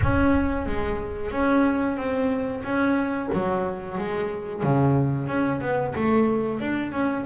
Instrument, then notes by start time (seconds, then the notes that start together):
double bass
0.02 C#4
0.66 G#3
1.31 C#4
1.96 C4
2.63 C#4
3.33 F#3
3.98 G#3
4.62 C#3
5.27 C#4
5.61 B3
5.95 A3
6.60 D4
6.92 C#4